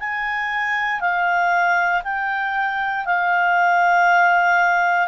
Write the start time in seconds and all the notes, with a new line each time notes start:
0.00 G#5
1.01 F5
2.04 G5
3.06 F5